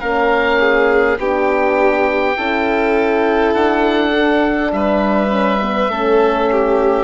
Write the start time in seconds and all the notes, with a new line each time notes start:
0.00 A#3 C#4 A#4 F5
0.60 G#4
1.18 B3 D4 G4 G5
2.37 C#4 E4 A4
3.54 D4 F#5
4.12 D4
4.72 G3 B4 E5
5.29 C#4
5.62 B3
5.88 A3 C#4 A4
6.52 G4